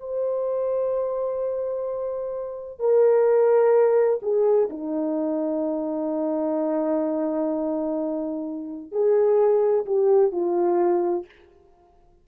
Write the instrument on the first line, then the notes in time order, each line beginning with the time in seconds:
horn
0.00 C5
2.80 A#4
4.23 G#4
4.70 D#4
8.92 G#4
9.87 G4
10.32 F4